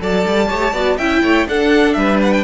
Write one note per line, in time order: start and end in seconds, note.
0.00 0.26 F#3
0.00 0.49 A4
0.00 0.50 D5
0.00 0.98 A5
0.27 0.51 G3
0.49 0.73 A3
0.49 0.74 G4
0.49 0.74 C#5
0.73 0.98 B3
0.73 0.99 F#4
0.73 0.98 D5
0.98 1.23 C#4
0.98 1.49 E4
0.98 1.22 E5
0.98 1.47 G5
1.23 1.47 A3
1.23 1.48 C#5
1.47 1.96 D4
1.47 2.45 D4
1.47 1.98 A4
1.47 1.94 F#5
1.94 2.45 G3
1.94 2.45 B4
1.94 2.18 E5
2.23 2.33 F#5
2.33 2.45 G5